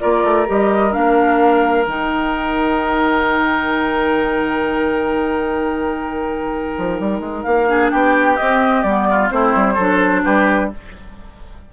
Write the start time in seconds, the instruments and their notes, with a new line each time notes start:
0.00 bassoon A#3, clarinet F4, oboe A#4, flute D5
0.24 bassoon A3
0.47 bassoon G3, clarinet G4, flute D#5
0.91 bassoon A#3, clarinet D4, flute F5
1.86 bassoon D#3, clarinet D#4, flute G5
6.78 bassoon F3
7.00 bassoon G3
7.20 bassoon G#3
7.43 bassoon A#3, flute F5
7.68 clarinet D4, oboe G#4
7.91 bassoon B3, oboe G4, flute G5
8.37 clarinet C4, bassoon C4, flute D#5
8.83 bassoon G3, clarinet B3, flute D5
9.10 oboe F4
9.30 bassoon A3, clarinet C4, oboe E4, flute C5
9.55 bassoon G3
9.74 bassoon F#3, clarinet D4, oboe A4
10.24 bassoon G3, oboe G4, flute B4